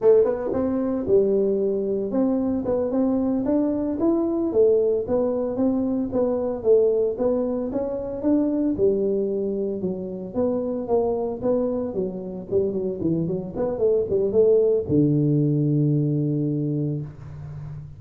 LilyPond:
\new Staff \with { instrumentName = "tuba" } { \time 4/4 \tempo 4 = 113 a8 b8 c'4 g2 | c'4 b8 c'4 d'4 e'8~ | e'8 a4 b4 c'4 b8~ | b8 a4 b4 cis'4 d'8~ |
d'8 g2 fis4 b8~ | b8 ais4 b4 fis4 g8 | fis8 e8 fis8 b8 a8 g8 a4 | d1 | }